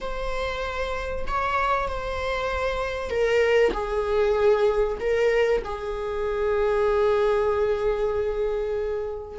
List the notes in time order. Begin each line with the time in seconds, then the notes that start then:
0.00 C5
1.27 C#5
1.88 C5
3.09 A#4
3.73 G#4
5.00 A#4
5.64 G#4